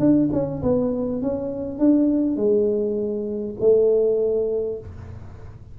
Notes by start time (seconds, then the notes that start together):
0.00 D4
0.32 C#4
0.63 B3
1.22 C#4
1.79 D4
2.37 G#3
3.60 A3